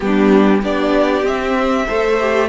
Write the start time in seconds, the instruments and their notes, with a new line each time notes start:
0.00 cello G3, viola B3, violin D4 G4
0.61 cello B3, viola D4, violin G4 D5
1.22 cello C4, viola C4, violin E5
1.86 cello A3, viola A4, violin C5
2.19 viola G4